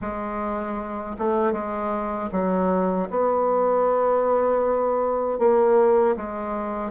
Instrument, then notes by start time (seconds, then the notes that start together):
bassoon
0.01 G#3
1.18 A3
1.52 G#3
2.31 F#3
3.10 B3
5.38 A#3
6.16 G#3